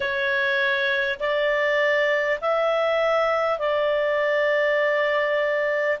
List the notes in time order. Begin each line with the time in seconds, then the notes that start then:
0.00 C#5
1.19 D5
2.40 E5
3.58 D5